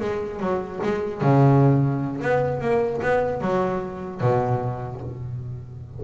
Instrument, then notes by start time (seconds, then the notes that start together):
double bass
0.00 G#3
0.40 F#3
0.83 G#3
1.21 C#3
2.21 B3
2.60 A#3
3.02 B3
3.41 F#3
4.21 B2